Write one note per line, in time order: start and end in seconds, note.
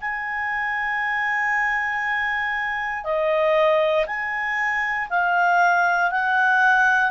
0.00 3.04 G#5
3.04 4.06 D#5
4.06 5.08 G#5
5.10 6.11 F5
6.11 7.11 F#5